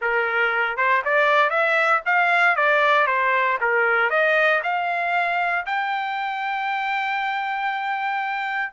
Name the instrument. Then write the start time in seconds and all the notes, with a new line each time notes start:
trumpet
0.01 A#4
0.76 C5
1.04 D5
1.49 E5
2.05 F5
2.55 D5
3.07 C5
3.60 A#4
4.10 D#5
4.63 F5
5.65 G5